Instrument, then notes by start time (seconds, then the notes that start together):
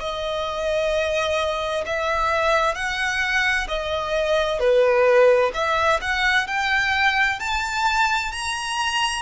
violin
0.00 D#5
1.86 E5
2.75 F#5
3.68 D#5
4.59 B4
5.54 E5
6.02 F#5
6.47 G5
7.40 A5
8.32 A#5